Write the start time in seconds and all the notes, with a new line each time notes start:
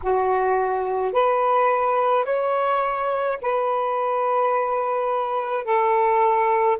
0.03 F#4
1.12 B4
2.24 C#5
3.41 B4
5.64 A4